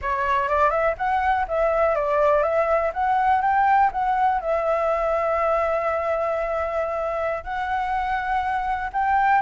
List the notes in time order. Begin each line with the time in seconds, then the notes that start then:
0.01 C#5
0.48 D5
0.70 E5
0.97 F#5
1.48 E5
1.95 D5
2.43 E5
2.93 F#5
3.41 G5
3.92 F#5
4.40 E5
7.43 F#5
8.92 G5